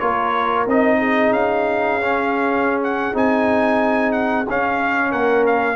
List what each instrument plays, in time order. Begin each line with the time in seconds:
0.00 tuba A#3, trombone F4, horn A#4, trumpet C#5
0.67 tuba C4, trombone D#4, trumpet D#5
0.99 horn G#4
1.31 tuba C#4, trumpet F5
2.01 trombone C#4
2.83 trumpet F#5
3.14 tuba C4, trombone D#4, trumpet G#5
4.12 trumpet F#5
4.50 tuba C#4, trombone C#4, trumpet F5
5.11 tuba A#3, horn A#4, trumpet F#5
5.47 trumpet F5